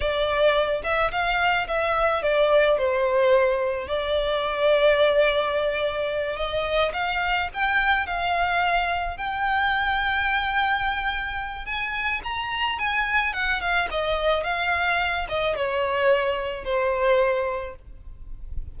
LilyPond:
\new Staff \with { instrumentName = "violin" } { \time 4/4 \tempo 4 = 108 d''4. e''8 f''4 e''4 | d''4 c''2 d''4~ | d''2.~ d''8 dis''8~ | dis''8 f''4 g''4 f''4.~ |
f''8 g''2.~ g''8~ | g''4 gis''4 ais''4 gis''4 | fis''8 f''8 dis''4 f''4. dis''8 | cis''2 c''2 | }